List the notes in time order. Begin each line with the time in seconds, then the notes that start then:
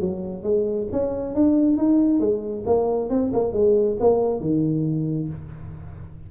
0.00 F#3
0.43 G#3
0.92 C#4
1.35 D4
1.77 D#4
2.20 G#3
2.66 A#3
3.10 C4
3.33 A#3
3.53 G#3
4.00 A#3
4.40 D#3